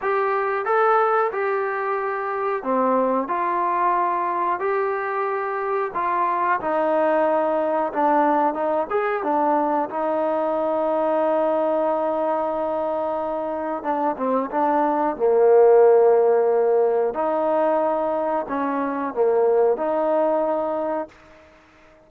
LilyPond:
\new Staff \with { instrumentName = "trombone" } { \time 4/4 \tempo 4 = 91 g'4 a'4 g'2 | c'4 f'2 g'4~ | g'4 f'4 dis'2 | d'4 dis'8 gis'8 d'4 dis'4~ |
dis'1~ | dis'4 d'8 c'8 d'4 ais4~ | ais2 dis'2 | cis'4 ais4 dis'2 | }